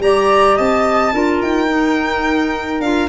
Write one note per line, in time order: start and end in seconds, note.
0.00 0.56 G3
0.00 1.14 G4
0.00 0.57 D5
0.00 0.58 A#5
0.57 1.13 C4
0.57 1.13 D#5
0.57 1.42 A5
1.13 1.41 D4
1.13 1.68 F4
1.13 3.09 A#4
1.42 2.81 D#4
1.42 2.81 G5
1.68 2.80 D#4
2.81 3.09 D4
2.81 3.09 F4
2.81 3.09 F5